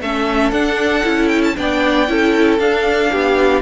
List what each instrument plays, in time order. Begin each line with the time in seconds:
0.00 cello A3, viola C#4, violin A4 E5
0.51 cello D4, viola D4, violin F#5
1.04 cello C#4, viola E4
1.29 violin G5
1.44 violin A5
1.56 cello B3, viola D4, violin D5 G5
2.08 cello C#4, viola E4, violin A4
2.59 cello D4, viola D4, violin F5
3.12 cello B3, violin G4